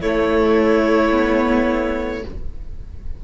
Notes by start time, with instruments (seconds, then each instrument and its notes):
0.00 viola A3, cello A3, violin E4 C#5
1.10 viola B3